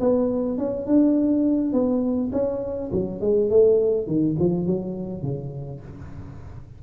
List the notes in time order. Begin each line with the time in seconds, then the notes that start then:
0.00 B3
0.58 C#4
0.86 D4
1.73 B3
2.32 C#4
2.92 F#3
3.21 G#3
3.50 A3
4.07 D#3
4.39 F3
4.67 F#3
5.22 C#3